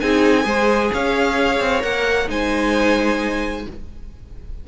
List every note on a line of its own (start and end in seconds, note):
0.00 0.45 C4
0.00 0.43 D#4
0.00 0.45 G#4
0.00 0.92 G#5
0.43 0.91 G#3
0.43 1.79 G#4
0.43 0.90 C5
0.93 1.60 C#4
0.93 2.30 C#5
0.93 1.83 F5
1.60 1.83 C4
1.79 2.29 A#3
1.79 2.25 A#4
1.79 2.28 F#5
2.27 3.66 G#3
2.27 3.64 D#4
2.27 3.67 C5
2.27 3.68 G#5